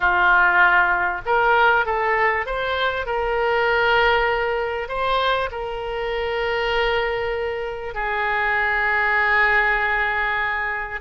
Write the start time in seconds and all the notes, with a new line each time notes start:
0.00 F4
1.25 A#4
1.85 A4
2.46 C5
3.06 A#4
4.88 C5
5.51 A#4
7.94 G#4